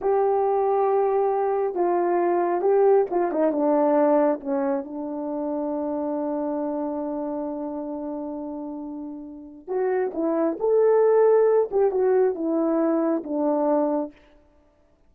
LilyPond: \new Staff \with { instrumentName = "horn" } { \time 4/4 \tempo 4 = 136 g'1 | f'2 g'4 f'8 dis'8 | d'2 cis'4 d'4~ | d'1~ |
d'1~ | d'2 fis'4 e'4 | a'2~ a'8 g'8 fis'4 | e'2 d'2 | }